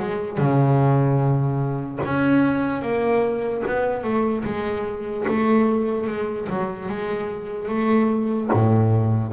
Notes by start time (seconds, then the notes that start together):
0.00 G#3
0.38 C#3
2.05 C#4
2.82 A#3
3.67 B3
4.04 A3
4.44 G#3
5.28 A3
6.07 G#3
6.49 F#3
6.89 G#3
7.68 A3
8.53 A2